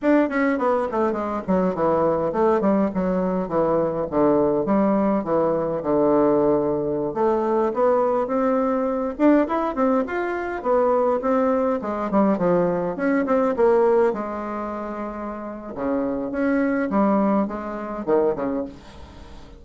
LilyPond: \new Staff \with { instrumentName = "bassoon" } { \time 4/4 \tempo 4 = 103 d'8 cis'8 b8 a8 gis8 fis8 e4 | a8 g8 fis4 e4 d4 | g4 e4 d2~ | d16 a4 b4 c'4. d'16~ |
d'16 e'8 c'8 f'4 b4 c'8.~ | c'16 gis8 g8 f4 cis'8 c'8 ais8.~ | ais16 gis2~ gis8. cis4 | cis'4 g4 gis4 dis8 cis8 | }